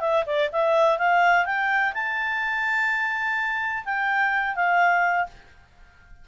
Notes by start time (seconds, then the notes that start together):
0.00 E5
0.26 D5
0.52 E5
0.98 F5
1.45 G5
1.94 A5
3.85 G5
4.55 F5